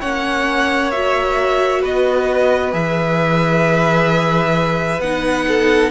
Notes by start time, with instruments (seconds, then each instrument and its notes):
0.00 cello A#3, viola C#4, violin C#5 F#5
0.91 viola F#4, violin E5
1.81 cello B3, violin B4 D#5
2.71 cello E3, viola G#4, violin E5
4.99 cello B3, viola D#4, violin F#5
5.48 violin A4